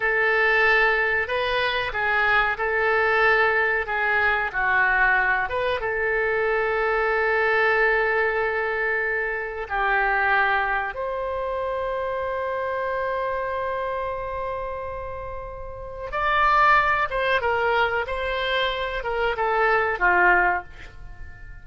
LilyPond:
\new Staff \with { instrumentName = "oboe" } { \time 4/4 \tempo 4 = 93 a'2 b'4 gis'4 | a'2 gis'4 fis'4~ | fis'8 b'8 a'2.~ | a'2. g'4~ |
g'4 c''2.~ | c''1~ | c''4 d''4. c''8 ais'4 | c''4. ais'8 a'4 f'4 | }